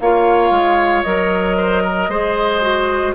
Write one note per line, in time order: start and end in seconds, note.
0.00 0.51 A#3
0.00 1.05 F4
0.00 1.57 C#5
0.00 1.03 F5
0.51 1.03 G#3
1.03 2.08 F#3
1.03 2.11 A#4
1.03 3.14 D#5
1.57 1.83 C5
1.83 2.10 A#4
2.08 3.14 G#3
2.08 2.62 G#4
2.08 3.15 C5
2.62 3.14 F#4